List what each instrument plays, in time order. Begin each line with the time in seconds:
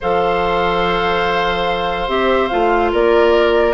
0.00 bassoon F3, clarinet A4, oboe C5, flute F5
2.08 bassoon C4, clarinet G4, flute E5
2.48 bassoon A3, clarinet F4, flute F5
2.91 bassoon A#3, oboe A#4, flute D5